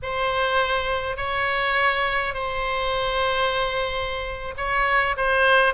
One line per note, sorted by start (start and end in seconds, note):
0.02 1.17 C5
1.17 2.34 C#5
2.34 4.54 C5
4.57 5.16 C#5
5.16 5.74 C5